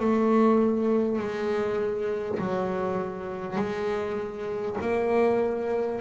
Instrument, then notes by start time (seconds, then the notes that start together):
double bass
0.00 A3
1.19 G#3
2.39 F#3
3.56 G#3
4.81 A#3